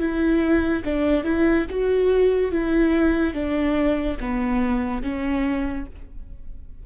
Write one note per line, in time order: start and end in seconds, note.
0.00 0.83 E4
0.85 1.24 D4
1.24 1.66 E4
1.70 2.52 F#4
2.52 3.34 E4
3.34 4.17 D4
4.20 5.03 B3
5.03 5.86 C#4